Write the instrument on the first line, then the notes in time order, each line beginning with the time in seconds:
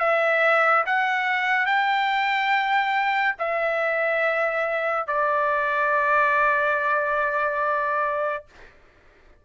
trumpet
0.00 E5
0.86 F#5
1.67 G5
3.39 E5
5.08 D5